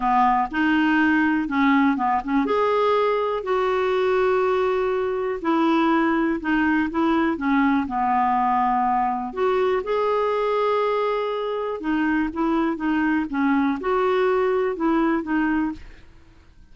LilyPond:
\new Staff \with { instrumentName = "clarinet" } { \time 4/4 \tempo 4 = 122 b4 dis'2 cis'4 | b8 cis'8 gis'2 fis'4~ | fis'2. e'4~ | e'4 dis'4 e'4 cis'4 |
b2. fis'4 | gis'1 | dis'4 e'4 dis'4 cis'4 | fis'2 e'4 dis'4 | }